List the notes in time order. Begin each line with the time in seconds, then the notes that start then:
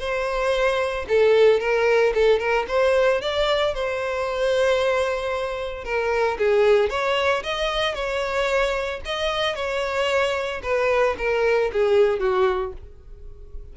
0.00 C5
1.09 A4
1.60 A#4
2.15 A4
2.40 A#4
2.68 C5
3.22 D5
3.75 C5
5.85 A#4
6.39 G#4
6.90 C#5
7.44 D#5
7.95 C#5
9.06 D#5
9.56 C#5
10.63 B4
11.19 A#4
11.73 G#4
12.20 F#4